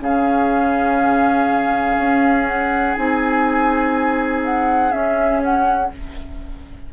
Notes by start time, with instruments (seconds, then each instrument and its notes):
0.00 bassoon C#3, clarinet C#4, oboe G#4, flute F5
1.98 bassoon C#4
2.48 flute F#5
2.95 bassoon C4, clarinet D#4, flute G#5
4.45 flute F#5
4.92 clarinet C#4, bassoon C#4, flute E5
5.43 flute F#5